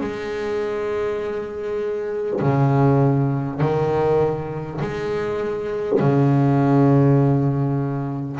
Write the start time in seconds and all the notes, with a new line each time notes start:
0.00 G#3
2.41 C#3
3.60 D#3
4.81 G#3
5.99 C#3